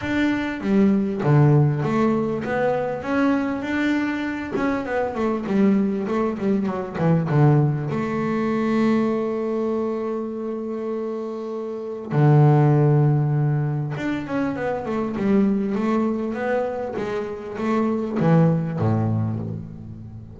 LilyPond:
\new Staff \with { instrumentName = "double bass" } { \time 4/4 \tempo 4 = 99 d'4 g4 d4 a4 | b4 cis'4 d'4. cis'8 | b8 a8 g4 a8 g8 fis8 e8 | d4 a2.~ |
a1 | d2. d'8 cis'8 | b8 a8 g4 a4 b4 | gis4 a4 e4 a,4 | }